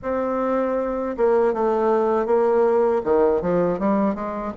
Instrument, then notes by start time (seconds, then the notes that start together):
bassoon
0.02 C4
1.17 A#3
1.53 A3
2.26 A#3
3.04 D#3
3.41 F3
3.79 G3
4.14 G#3